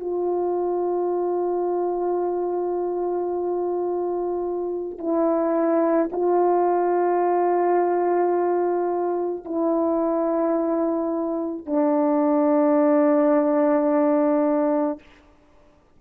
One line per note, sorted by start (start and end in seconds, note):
0.00 4.98 F4
4.98 6.10 E4
6.12 9.45 F4
9.45 11.66 E4
11.66 14.99 D4